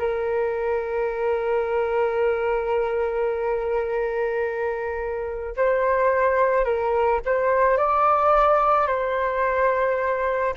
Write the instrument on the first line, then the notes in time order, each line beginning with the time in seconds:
flute
0.00 A#4
5.57 C5
6.65 A#4
7.26 C5
7.78 D5
8.88 C5